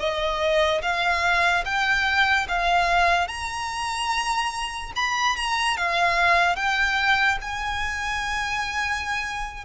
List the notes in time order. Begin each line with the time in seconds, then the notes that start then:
0.00 D#5
0.83 F5
1.66 G5
2.49 F5
3.28 A#5
4.96 B5
5.37 A#5
5.78 F5
6.56 G5
7.42 G#5